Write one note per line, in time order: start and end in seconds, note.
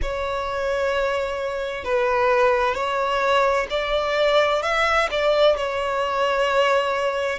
0.02 1.84 C#5
1.84 2.74 B4
2.74 3.67 C#5
3.70 4.62 D5
4.62 5.08 E5
5.10 5.56 D5
5.56 7.39 C#5